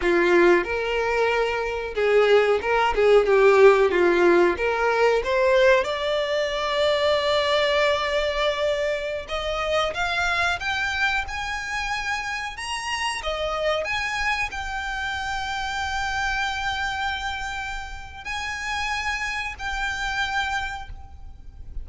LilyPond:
\new Staff \with { instrumentName = "violin" } { \time 4/4 \tempo 4 = 92 f'4 ais'2 gis'4 | ais'8 gis'8 g'4 f'4 ais'4 | c''4 d''2.~ | d''2~ d''16 dis''4 f''8.~ |
f''16 g''4 gis''2 ais''8.~ | ais''16 dis''4 gis''4 g''4.~ g''16~ | g''1 | gis''2 g''2 | }